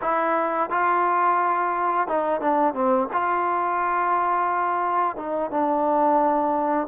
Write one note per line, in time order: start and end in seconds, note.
0.01 0.70 E4
0.70 2.07 F4
2.07 2.40 D#4
2.40 2.74 D4
2.74 3.08 C4
3.13 5.16 F4
5.16 5.50 D#4
5.50 6.87 D4